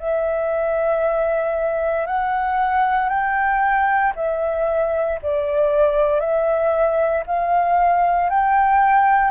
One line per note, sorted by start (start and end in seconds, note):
0.00 2.07 E5
2.07 3.10 F#5
3.10 4.13 G5
4.16 5.20 E5
5.23 6.21 D5
6.21 7.24 E5
7.27 8.30 F5
8.30 9.32 G5